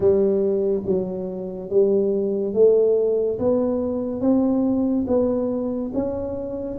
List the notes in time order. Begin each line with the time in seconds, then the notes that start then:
0.00 G3
0.85 F#3
1.69 G3
2.54 A3
3.38 B3
4.20 C4
5.07 B3
5.94 C#4